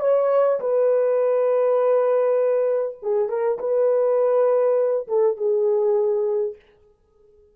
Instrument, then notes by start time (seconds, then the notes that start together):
horn
0.00 C#5
0.59 B4
3.02 G#4
3.28 A#4
3.58 B4
5.07 A4
5.37 G#4